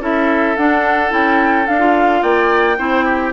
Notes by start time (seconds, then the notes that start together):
0.00 C#4 E4 A4 E5
0.57 D4 F#5
1.10 C#4 E4 G5
1.67 D4 F5
1.80 F4
2.22 A#3 D5 G5
2.78 C4 E4 C5
3.05 G4